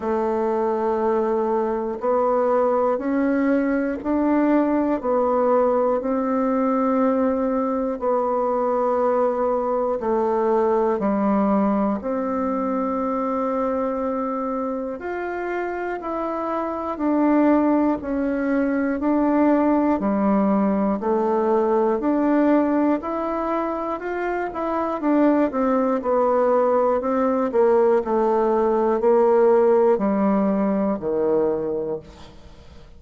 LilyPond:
\new Staff \with { instrumentName = "bassoon" } { \time 4/4 \tempo 4 = 60 a2 b4 cis'4 | d'4 b4 c'2 | b2 a4 g4 | c'2. f'4 |
e'4 d'4 cis'4 d'4 | g4 a4 d'4 e'4 | f'8 e'8 d'8 c'8 b4 c'8 ais8 | a4 ais4 g4 dis4 | }